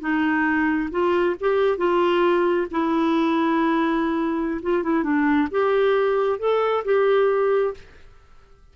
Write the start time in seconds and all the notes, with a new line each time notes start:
0.00 D#4
0.91 F4
1.40 G4
1.77 F4
2.71 E4
4.62 F4
4.83 E4
5.03 D4
5.51 G4
6.39 A4
6.84 G4